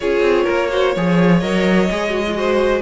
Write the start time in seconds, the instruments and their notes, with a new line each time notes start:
0.00 cello C#4, viola F4, violin G#4 C#5
0.20 cello C4
0.44 cello A#3, violin A#4
0.70 viola F#4, violin C5
0.95 cello F3, viola G#4, violin C#5
1.40 cello F#3, viola A#4, violin D#5
1.90 cello G#3, viola G#4
2.10 viola F#4
2.28 viola F4
2.34 viola F#4, violin C5